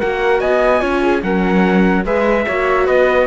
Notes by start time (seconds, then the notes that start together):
0.00 A#3 F#4 A#4 F#5
0.41 B3 D#5 G#5
0.81 C#4 F4 C#5
1.02 G#4
1.23 F#3 C#4 A#4 F#5
2.05 G#3 G#4 B4 E5
2.47 A#3 F#4 C#5
2.87 B3 B4 D#5